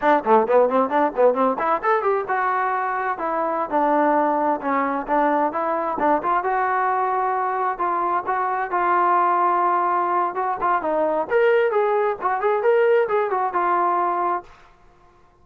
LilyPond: \new Staff \with { instrumentName = "trombone" } { \time 4/4 \tempo 4 = 133 d'8 a8 b8 c'8 d'8 b8 c'8 e'8 | a'8 g'8 fis'2 e'4~ | e'16 d'2 cis'4 d'8.~ | d'16 e'4 d'8 f'8 fis'4.~ fis'16~ |
fis'4~ fis'16 f'4 fis'4 f'8.~ | f'2. fis'8 f'8 | dis'4 ais'4 gis'4 fis'8 gis'8 | ais'4 gis'8 fis'8 f'2 | }